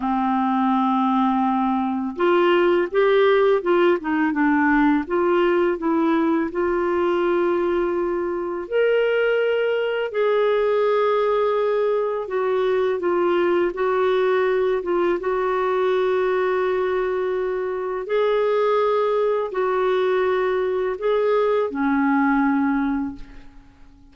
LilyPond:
\new Staff \with { instrumentName = "clarinet" } { \time 4/4 \tempo 4 = 83 c'2. f'4 | g'4 f'8 dis'8 d'4 f'4 | e'4 f'2. | ais'2 gis'2~ |
gis'4 fis'4 f'4 fis'4~ | fis'8 f'8 fis'2.~ | fis'4 gis'2 fis'4~ | fis'4 gis'4 cis'2 | }